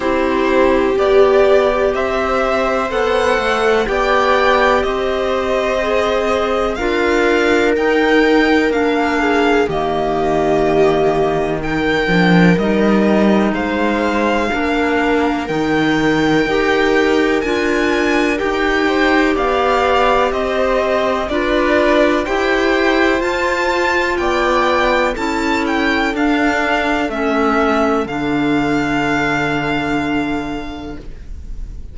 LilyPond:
<<
  \new Staff \with { instrumentName = "violin" } { \time 4/4 \tempo 4 = 62 c''4 d''4 e''4 fis''4 | g''4 dis''2 f''4 | g''4 f''4 dis''2 | g''4 dis''4 f''2 |
g''2 gis''4 g''4 | f''4 dis''4 d''4 g''4 | a''4 g''4 a''8 g''8 f''4 | e''4 f''2. | }
  \new Staff \with { instrumentName = "viola" } { \time 4/4 g'2 c''2 | d''4 c''2 ais'4~ | ais'4. gis'8 g'2 | ais'2 c''4 ais'4~ |
ais'2.~ ais'8 c''8 | d''4 c''4 b'4 c''4~ | c''4 d''4 a'2~ | a'1 | }
  \new Staff \with { instrumentName = "clarinet" } { \time 4/4 e'4 g'2 a'4 | g'2 gis'4 f'4 | dis'4 d'4 ais2 | dis'8 d'8 dis'2 d'4 |
dis'4 g'4 f'4 g'4~ | g'2 f'4 g'4 | f'2 e'4 d'4 | cis'4 d'2. | }
  \new Staff \with { instrumentName = "cello" } { \time 4/4 c'4 b4 c'4 b8 a8 | b4 c'2 d'4 | dis'4 ais4 dis2~ | dis8 f8 g4 gis4 ais4 |
dis4 dis'4 d'4 dis'4 | b4 c'4 d'4 e'4 | f'4 b4 cis'4 d'4 | a4 d2. | }
>>